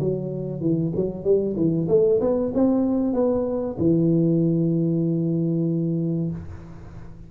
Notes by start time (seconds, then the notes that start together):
0.00 F#3
0.61 E3
0.96 F#3
1.25 G3
1.57 E3
1.89 A3
2.21 B3
2.55 C4
3.13 B3
3.79 E3